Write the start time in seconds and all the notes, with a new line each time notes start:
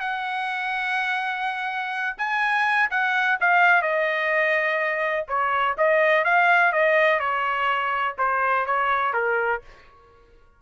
0.00 F#5
2.18 G#5
2.91 F#5
3.40 F5
3.82 D#5
5.28 C#5
5.78 D#5
6.24 F5
6.72 D#5
7.20 C#5
8.18 C5
8.66 C#5
9.14 A#4